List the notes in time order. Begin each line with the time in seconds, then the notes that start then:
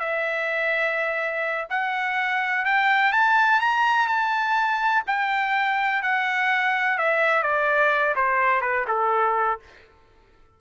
0.00 E5
1.70 F#5
2.66 G5
3.13 A5
3.61 A#5
4.08 A5
5.07 G5
6.03 F#5
6.98 E5
7.43 D5
8.16 C5
8.61 B4
8.88 A4